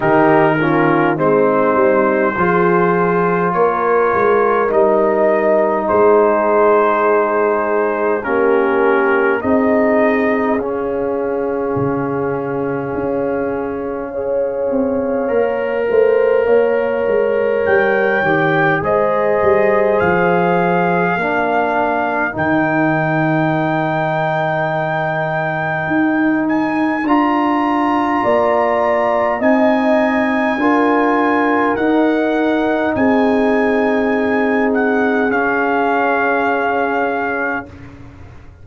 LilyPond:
<<
  \new Staff \with { instrumentName = "trumpet" } { \time 4/4 \tempo 4 = 51 ais'4 c''2 cis''4 | dis''4 c''2 ais'4 | dis''4 f''2.~ | f''2. g''4 |
dis''4 f''2 g''4~ | g''2~ g''8 gis''8 ais''4~ | ais''4 gis''2 fis''4 | gis''4. fis''8 f''2 | }
  \new Staff \with { instrumentName = "horn" } { \time 4/4 g'8 f'8 dis'4 gis'4 ais'4~ | ais'4 gis'2 g'4 | gis'1 | cis''4. c''8 cis''2 |
c''2 ais'2~ | ais'1 | d''4 dis''4 ais'2 | gis'1 | }
  \new Staff \with { instrumentName = "trombone" } { \time 4/4 dis'8 cis'8 c'4 f'2 | dis'2. cis'4 | dis'4 cis'2. | gis'4 ais'2~ ais'8 g'8 |
gis'2 d'4 dis'4~ | dis'2. f'4~ | f'4 dis'4 f'4 dis'4~ | dis'2 cis'2 | }
  \new Staff \with { instrumentName = "tuba" } { \time 4/4 dis4 gis8 g8 f4 ais8 gis8 | g4 gis2 ais4 | c'4 cis'4 cis4 cis'4~ | cis'8 c'8 ais8 a8 ais8 gis8 g8 dis8 |
gis8 g8 f4 ais4 dis4~ | dis2 dis'4 d'4 | ais4 c'4 d'4 dis'4 | c'2 cis'2 | }
>>